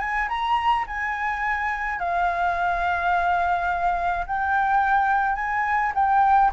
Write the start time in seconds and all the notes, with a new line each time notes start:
0.00 G#5
0.29 A#5
0.87 G#5
1.99 F5
4.27 G5
5.36 G#5
5.95 G5